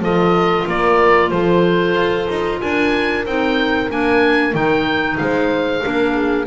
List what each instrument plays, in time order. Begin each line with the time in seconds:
0.00 double bass F3, clarinet F4, horn A4, oboe D#5
0.67 double bass A#3, horn A#4, oboe D5
1.31 double bass F3, horn A4, oboe C5
1.95 double bass F4
2.30 double bass D#4
2.61 double bass D4, horn A#4, oboe G#5
3.26 double bass C4, clarinet D#4, oboe G5
3.91 double bass A#3, clarinet D4, oboe G#5
4.53 double bass D#3, clarinet D#4, oboe G5
5.18 double bass G#3, horn C5, oboe F5
5.83 double bass A#3, clarinet D4, horn A#4
6.15 horn G#4